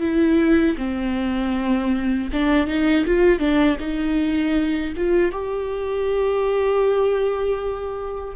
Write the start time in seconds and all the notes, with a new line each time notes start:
0.00 E4
0.77 C4
2.32 D4
2.67 D#4
3.05 F4
3.39 D4
3.79 D#4
4.96 F4
5.32 G4